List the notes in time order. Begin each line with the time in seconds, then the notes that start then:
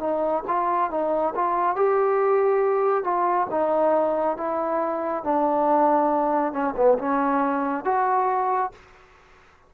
0.00 D#4
0.48 F4
0.91 D#4
1.35 F4
1.76 G4
3.04 F4
3.51 D#4
4.38 E4
5.24 D4
6.53 C#4
6.77 B3
6.99 C#4
7.85 F#4